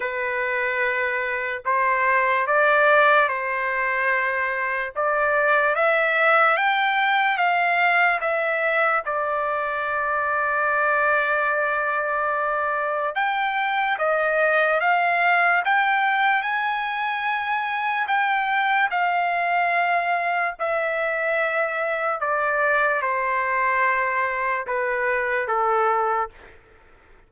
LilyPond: \new Staff \with { instrumentName = "trumpet" } { \time 4/4 \tempo 4 = 73 b'2 c''4 d''4 | c''2 d''4 e''4 | g''4 f''4 e''4 d''4~ | d''1 |
g''4 dis''4 f''4 g''4 | gis''2 g''4 f''4~ | f''4 e''2 d''4 | c''2 b'4 a'4 | }